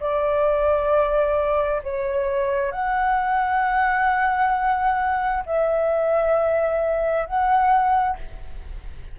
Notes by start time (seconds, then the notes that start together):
0.00 D5
1.83 C#5
2.72 F#5
5.46 E5
7.26 F#5